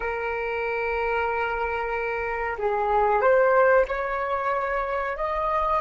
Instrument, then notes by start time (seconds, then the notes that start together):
flute
0.00 A#4
2.58 G#4
3.21 C5
3.87 C#5
5.16 D#5